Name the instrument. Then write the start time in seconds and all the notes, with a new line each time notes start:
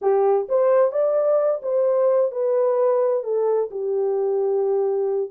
horn
0.01 G4
0.48 C5
0.91 D5
1.62 C5
2.31 B4
3.23 A4
3.70 G4